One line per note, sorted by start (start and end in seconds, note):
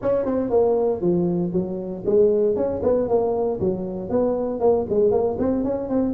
0.02 0.25 C#4
0.25 0.49 C4
0.49 1.01 A#3
1.01 1.52 F3
1.52 2.03 F#3
2.05 2.55 G#3
2.55 2.81 C#4
2.82 3.08 B3
3.08 3.59 A#3
3.60 4.09 F#3
4.09 4.60 B3
4.60 4.85 A#3
4.89 5.11 G#3
5.11 5.36 A#3
5.38 5.64 C4
5.64 5.89 C#4
5.89 6.14 C4